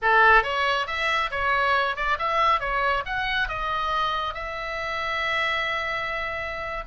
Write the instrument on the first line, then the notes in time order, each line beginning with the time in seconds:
oboe
0.02 A4
0.43 C#5
0.86 E5
1.30 C#5
1.96 D5
2.18 E5
2.60 C#5
3.05 F#5
3.48 D#5
4.34 E5